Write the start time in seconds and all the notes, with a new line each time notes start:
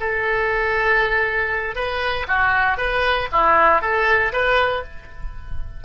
0.00 A4
1.75 B4
2.28 F#4
2.77 B4
3.32 E4
3.81 A4
4.32 B4